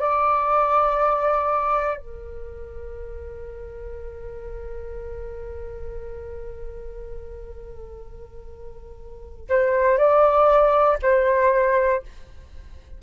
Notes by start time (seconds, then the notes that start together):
0.00 D5
1.98 A#4
9.50 C5
9.98 D5
11.03 C5